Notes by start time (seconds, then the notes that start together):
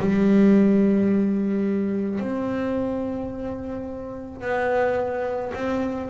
0.00 G3
2.20 C4
4.41 B3
5.55 C4